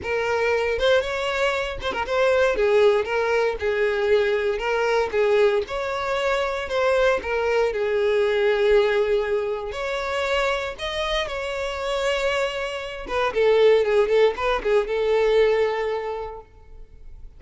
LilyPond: \new Staff \with { instrumentName = "violin" } { \time 4/4 \tempo 4 = 117 ais'4. c''8 cis''4. c''16 ais'16 | c''4 gis'4 ais'4 gis'4~ | gis'4 ais'4 gis'4 cis''4~ | cis''4 c''4 ais'4 gis'4~ |
gis'2. cis''4~ | cis''4 dis''4 cis''2~ | cis''4. b'8 a'4 gis'8 a'8 | b'8 gis'8 a'2. | }